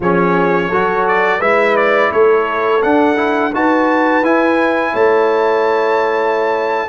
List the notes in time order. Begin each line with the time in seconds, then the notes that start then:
0.00 F3 C#4 G#4 C#5
0.69 F#3 F#4 A4
1.07 D5
1.39 G#3 E4 B4 E5
1.76 D5
2.12 A3 A4 C#5
2.82 D4 F#5
3.15 E4
3.53 D#4 F#4 B4 A5
4.22 E4 G#5
4.92 A3 C#5 A5